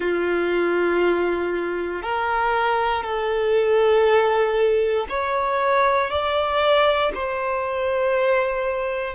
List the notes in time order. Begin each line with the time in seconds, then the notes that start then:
0.00 F4
2.02 A#4
3.03 A4
5.09 C#5
6.10 D5
7.14 C5